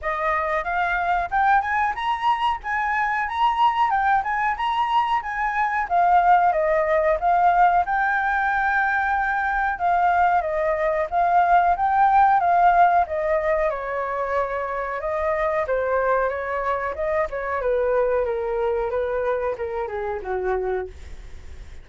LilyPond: \new Staff \with { instrumentName = "flute" } { \time 4/4 \tempo 4 = 92 dis''4 f''4 g''8 gis''8 ais''4 | gis''4 ais''4 g''8 gis''8 ais''4 | gis''4 f''4 dis''4 f''4 | g''2. f''4 |
dis''4 f''4 g''4 f''4 | dis''4 cis''2 dis''4 | c''4 cis''4 dis''8 cis''8 b'4 | ais'4 b'4 ais'8 gis'8 fis'4 | }